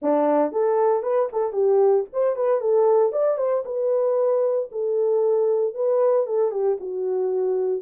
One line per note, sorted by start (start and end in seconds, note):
0.02 0.51 D4
0.51 1.02 A4
1.02 1.28 B4
1.32 1.52 A4
1.52 2.05 G4
2.12 2.35 C5
2.35 2.61 B4
2.61 3.12 A4
3.12 3.37 D5
3.37 3.63 C5
3.65 4.69 B4
4.71 5.74 A4
5.74 6.26 B4
6.26 6.51 A4
6.51 6.77 G4
6.80 7.82 F#4